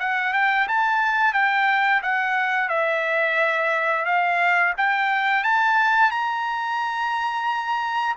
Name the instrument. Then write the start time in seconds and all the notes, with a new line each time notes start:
trumpet
0.00 F#5
0.33 G5
0.68 A5
1.34 G5
2.03 F#5
2.69 E5
4.06 F5
4.78 G5
5.44 A5
6.11 A#5